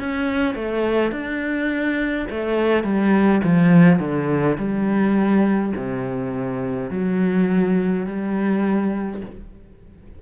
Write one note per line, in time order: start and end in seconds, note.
0.00 0.55 C#4
0.55 1.12 A3
1.12 2.27 D4
2.30 2.84 A3
2.84 3.41 G3
3.44 4.00 F3
4.00 4.57 D3
4.58 5.73 G3
5.76 6.91 C3
6.91 8.06 F#3
8.06 9.22 G3